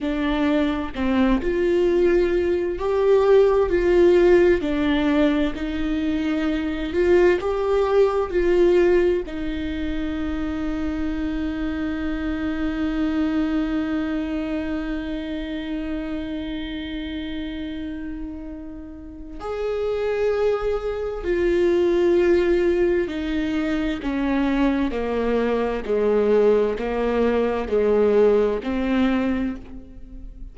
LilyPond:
\new Staff \with { instrumentName = "viola" } { \time 4/4 \tempo 4 = 65 d'4 c'8 f'4. g'4 | f'4 d'4 dis'4. f'8 | g'4 f'4 dis'2~ | dis'1~ |
dis'1~ | dis'4 gis'2 f'4~ | f'4 dis'4 cis'4 ais4 | gis4 ais4 gis4 c'4 | }